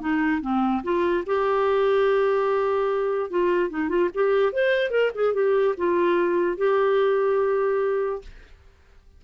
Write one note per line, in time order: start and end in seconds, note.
0.00 0.41 D#4
0.41 0.82 C4
0.83 1.24 F4
1.26 3.30 G4
3.30 3.70 F4
3.70 3.89 D#4
3.89 4.09 F4
4.14 4.52 G4
4.52 4.90 C5
4.90 5.11 A#4
5.14 5.34 G#4
5.34 5.75 G4
5.77 6.57 F4
6.57 8.22 G4